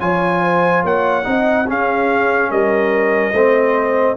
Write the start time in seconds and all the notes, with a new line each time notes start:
0.00 F3 F4 C#5 G#5
0.42 C5
0.83 A#3 C#5 F#5
1.23 C4 D#4 D#5
1.67 C#4 G#4 F5
2.50 G3 A#4 D#5
3.32 A3 C4 C5